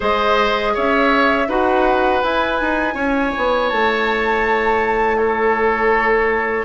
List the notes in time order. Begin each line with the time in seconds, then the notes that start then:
0.00 G#3 G#4 C5 D#5
0.73 C#4 C#5 E5
1.48 D#4 F#4 B4 F#5
2.22 E4 G#5
2.60 D#4
2.94 C#4 C#5
3.36 B3
3.69 A3 A5
5.17 A4 C#5